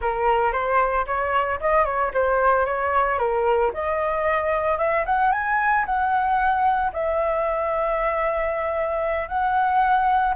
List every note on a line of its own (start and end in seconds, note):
0.01 0.52 A#4
0.52 1.05 C5
1.06 1.59 C#5
1.60 1.84 D#5
1.84 2.11 C#5
2.13 2.65 C5
2.65 3.18 C#5
3.18 3.71 A#4
3.73 4.78 D#5
4.78 5.04 E5
5.05 5.31 F#5
5.31 5.85 G#5
5.85 6.91 F#5
6.93 9.28 E5
9.28 10.34 F#5